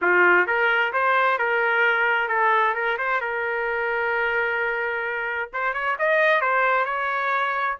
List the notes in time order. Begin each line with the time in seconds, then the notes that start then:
0.01 F4
0.46 A#4
0.93 C5
1.38 A#4
2.28 A4
2.74 A#4
2.98 C5
3.21 A#4
5.53 C5
5.73 C#5
5.99 D#5
6.41 C5
6.85 C#5